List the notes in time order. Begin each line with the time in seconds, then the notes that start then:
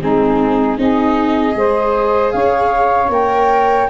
0.00 G#3 C4 D#4 G#4
0.78 C4 D#4 G#4 D#5
1.52 G#3 G#4 C5
2.31 C#4 C#5 F5
3.09 A#3 A#4 G5